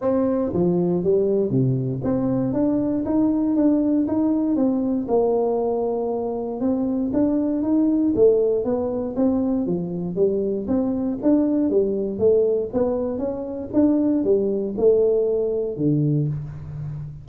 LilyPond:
\new Staff \with { instrumentName = "tuba" } { \time 4/4 \tempo 4 = 118 c'4 f4 g4 c4 | c'4 d'4 dis'4 d'4 | dis'4 c'4 ais2~ | ais4 c'4 d'4 dis'4 |
a4 b4 c'4 f4 | g4 c'4 d'4 g4 | a4 b4 cis'4 d'4 | g4 a2 d4 | }